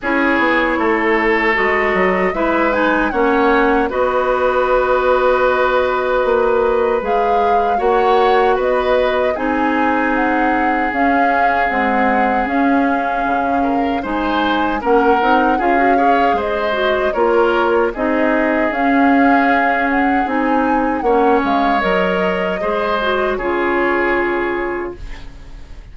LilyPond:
<<
  \new Staff \with { instrumentName = "flute" } { \time 4/4 \tempo 4 = 77 cis''2 dis''4 e''8 gis''8 | fis''4 dis''2.~ | dis''4 f''4 fis''4 dis''4 | gis''4 fis''4 f''4 fis''4 |
f''2 gis''4 fis''4 | f''4 dis''4 cis''4 dis''4 | f''4. fis''8 gis''4 fis''8 f''8 | dis''2 cis''2 | }
  \new Staff \with { instrumentName = "oboe" } { \time 4/4 gis'4 a'2 b'4 | cis''4 b'2.~ | b'2 cis''4 b'4 | gis'1~ |
gis'4. ais'8 c''4 ais'4 | gis'8 cis''8 c''4 ais'4 gis'4~ | gis'2. cis''4~ | cis''4 c''4 gis'2 | }
  \new Staff \with { instrumentName = "clarinet" } { \time 4/4 e'2 fis'4 e'8 dis'8 | cis'4 fis'2.~ | fis'4 gis'4 fis'2 | dis'2 cis'4 gis4 |
cis'2 dis'4 cis'8 dis'8 | f'16 fis'16 gis'4 fis'8 f'4 dis'4 | cis'2 dis'4 cis'4 | ais'4 gis'8 fis'8 f'2 | }
  \new Staff \with { instrumentName = "bassoon" } { \time 4/4 cis'8 b8 a4 gis8 fis8 gis4 | ais4 b2. | ais4 gis4 ais4 b4 | c'2 cis'4 c'4 |
cis'4 cis4 gis4 ais8 c'8 | cis'4 gis4 ais4 c'4 | cis'2 c'4 ais8 gis8 | fis4 gis4 cis2 | }
>>